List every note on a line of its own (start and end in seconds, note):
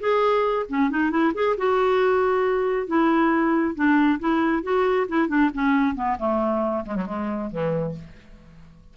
0.00 0.66 G#4
0.69 0.90 C#4
0.90 1.11 D#4
1.11 1.33 E4
1.35 1.57 G#4
1.57 2.87 F#4
2.87 3.75 E4
3.75 4.19 D4
4.20 4.63 E4
4.63 5.07 F#4
5.09 5.28 E4
5.28 5.50 D4
5.54 5.95 C#4
5.95 6.17 B3
6.19 6.85 A3
6.86 6.95 G#3
6.95 7.06 F#3
7.06 7.50 G#3
7.51 7.95 E3